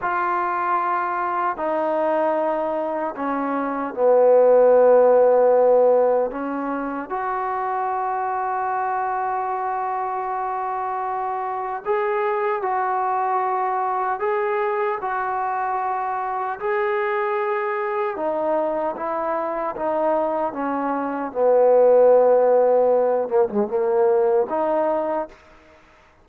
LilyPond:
\new Staff \with { instrumentName = "trombone" } { \time 4/4 \tempo 4 = 76 f'2 dis'2 | cis'4 b2. | cis'4 fis'2.~ | fis'2. gis'4 |
fis'2 gis'4 fis'4~ | fis'4 gis'2 dis'4 | e'4 dis'4 cis'4 b4~ | b4. ais16 gis16 ais4 dis'4 | }